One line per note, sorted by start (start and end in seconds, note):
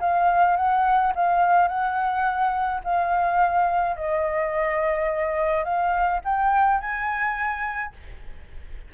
0.00 0.56 F5
0.56 1.13 F#5
1.15 1.68 F5
1.68 2.81 F#5
2.84 3.96 F5
3.96 5.64 D#5
5.64 6.21 F5
6.24 6.81 G5
6.81 7.94 G#5